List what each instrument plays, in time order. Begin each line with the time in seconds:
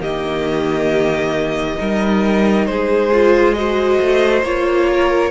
0.00 cello D#3, viola A#3, violin G4 D#5
1.78 cello G3, viola D#4, violin A#4
2.66 cello G#3, violin G#4 C5
3.12 viola F4
3.53 viola F#4, violin C5 D#5
4.00 cello A3
4.42 cello A#3, viola F4, violin C#5
4.91 violin A#4